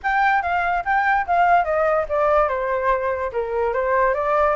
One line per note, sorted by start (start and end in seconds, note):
0.03 0.42 G5
0.42 0.84 F5
0.85 1.26 G5
1.26 1.64 F5
1.64 2.05 D#5
2.09 2.48 D5
2.48 3.31 C5
3.32 3.73 A#4
3.73 4.14 C5
4.14 4.55 D5